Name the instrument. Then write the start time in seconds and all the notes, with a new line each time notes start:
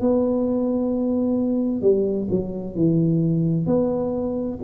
tuba
0.00 B3
1.82 G3
2.30 F#3
2.75 E3
3.66 B3